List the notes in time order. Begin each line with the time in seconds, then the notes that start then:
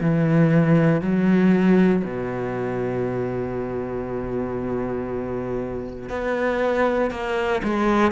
0.00 E3
1.01 F#3
2.03 B2
6.09 B3
7.10 A#3
7.63 G#3